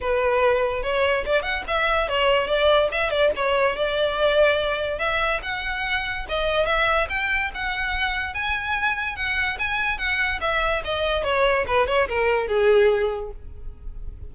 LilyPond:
\new Staff \with { instrumentName = "violin" } { \time 4/4 \tempo 4 = 144 b'2 cis''4 d''8 fis''8 | e''4 cis''4 d''4 e''8 d''8 | cis''4 d''2. | e''4 fis''2 dis''4 |
e''4 g''4 fis''2 | gis''2 fis''4 gis''4 | fis''4 e''4 dis''4 cis''4 | b'8 cis''8 ais'4 gis'2 | }